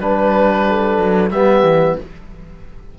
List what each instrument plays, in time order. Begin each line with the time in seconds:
0.00 cello G3, trombone D4, horn B4, oboe B4
0.68 horn A4
0.98 cello F#3
1.31 cello G3, trombone B3, horn G4, oboe E5
1.63 cello E3